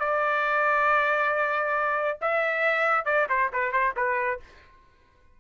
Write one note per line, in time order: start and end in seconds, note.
0.00 2.19 D5
2.22 3.06 E5
3.06 3.28 D5
3.30 3.52 C5
3.53 3.73 B4
3.73 3.95 C5
3.97 4.41 B4